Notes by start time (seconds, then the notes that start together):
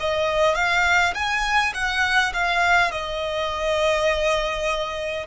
0.00 D#5
0.55 F5
1.14 G#5
1.74 F#5
2.34 F5
2.91 D#5